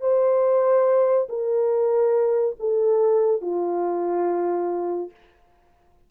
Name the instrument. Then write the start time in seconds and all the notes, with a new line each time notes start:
horn
0.00 C5
1.29 A#4
2.59 A4
3.41 F4